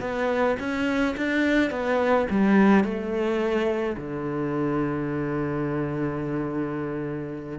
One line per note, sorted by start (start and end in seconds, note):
0.00 0.56 B3
0.59 1.15 C#4
1.17 1.71 D4
1.71 2.27 B3
2.30 2.84 G3
2.84 3.96 A3
3.97 7.58 D3